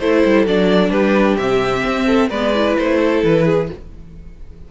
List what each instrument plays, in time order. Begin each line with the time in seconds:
0.00 cello A3, viola E4, violin A4 C5
0.25 cello G3
0.47 cello F#3, viola D4, violin D5
0.90 cello G3, violin G4 B4
1.38 cello C3, viola C4, violin E5
1.86 cello C4
2.07 violin A4
2.30 cello G#3, viola B3, violin B4 D5
2.55 viola E4
2.78 cello A3, violin C5
3.01 violin A4
3.23 cello E3, violin B4
3.45 violin G#4